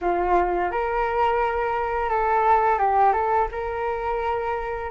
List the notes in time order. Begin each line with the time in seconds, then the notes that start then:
0.01 F4
0.71 A#4
2.09 A4
2.78 G4
3.12 A4
3.51 A#4